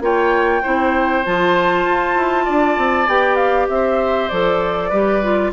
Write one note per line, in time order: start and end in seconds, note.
0.00 0.61 A#3
0.00 0.63 F4
0.00 0.62 C#5
0.00 1.26 G5
0.62 1.26 C4
0.62 1.25 E4
0.62 2.45 C5
1.26 1.86 F3
1.26 3.08 F4
1.26 3.09 A5
1.86 2.16 F4
2.16 2.46 E4
2.45 2.78 D4
2.45 3.67 D5
2.78 3.07 C4
3.07 3.68 B3
3.07 4.31 G4
3.07 3.36 G5
3.36 3.66 F5
3.69 4.30 C4
3.69 4.89 C5
3.69 4.29 E5
4.29 4.91 F3
4.29 4.92 A4
4.29 5.51 D5
4.89 5.53 G3
4.89 5.23 G4
4.89 5.51 B4
5.23 5.53 F4